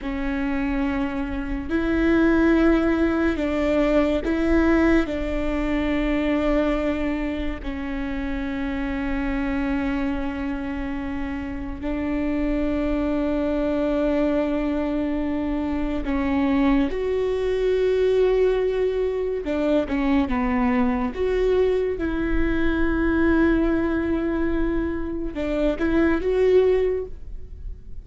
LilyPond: \new Staff \with { instrumentName = "viola" } { \time 4/4 \tempo 4 = 71 cis'2 e'2 | d'4 e'4 d'2~ | d'4 cis'2.~ | cis'2 d'2~ |
d'2. cis'4 | fis'2. d'8 cis'8 | b4 fis'4 e'2~ | e'2 d'8 e'8 fis'4 | }